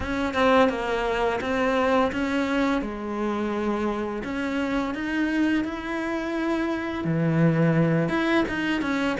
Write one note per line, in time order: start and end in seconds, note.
0.00 0.33 C#4
0.33 0.69 C4
0.69 1.39 A#3
1.41 2.11 C4
2.12 2.81 C#4
2.81 4.22 G#3
4.23 4.94 C#4
4.94 5.64 D#4
5.64 7.04 E4
7.04 8.09 E3
8.09 8.44 E4
8.48 8.81 D#4
8.81 9.16 C#4